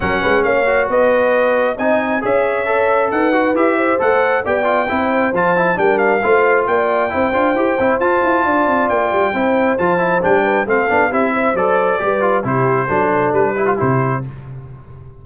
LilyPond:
<<
  \new Staff \with { instrumentName = "trumpet" } { \time 4/4 \tempo 4 = 135 fis''4 f''4 dis''2 | gis''4 e''2 fis''4 | e''4 fis''4 g''2 | a''4 g''8 f''4. g''4~ |
g''2 a''2 | g''2 a''4 g''4 | f''4 e''4 d''2 | c''2 b'4 c''4 | }
  \new Staff \with { instrumentName = "horn" } { \time 4/4 ais'8 b'8 cis''4 b'2 | dis''4 cis''2 b'4~ | b'8 c''4. d''4 c''4~ | c''4 ais'4 c''4 d''4 |
c''2. d''4~ | d''4 c''2~ c''8 b'8 | a'4 g'8 c''4. b'4 | g'4 a'4. g'4. | }
  \new Staff \with { instrumentName = "trombone" } { \time 4/4 cis'4. fis'2~ fis'8 | dis'4 gis'4 a'4. fis'8 | g'4 a'4 g'8 f'8 e'4 | f'8 e'8 d'4 f'2 |
e'8 f'8 g'8 e'8 f'2~ | f'4 e'4 f'8 e'8 d'4 | c'8 d'8 e'4 a'4 g'8 f'8 | e'4 d'4. e'16 f'16 e'4 | }
  \new Staff \with { instrumentName = "tuba" } { \time 4/4 fis8 gis8 ais4 b2 | c'4 cis'2 dis'4 | e'4 a4 b4 c'4 | f4 g4 a4 ais4 |
c'8 d'8 e'8 c'8 f'8 e'8 d'8 c'8 | ais8 g8 c'4 f4 g4 | a8 b8 c'4 fis4 g4 | c4 fis4 g4 c4 | }
>>